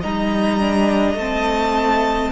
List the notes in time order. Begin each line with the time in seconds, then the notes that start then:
0.00 G3 D#4 D#5 A#5
0.60 D4
1.13 A3 C4 A5